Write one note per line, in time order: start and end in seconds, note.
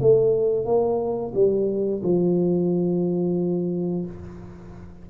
0.00 0.65 A3
0.65 1.32 A#3
1.34 2.02 G3
2.03 4.05 F3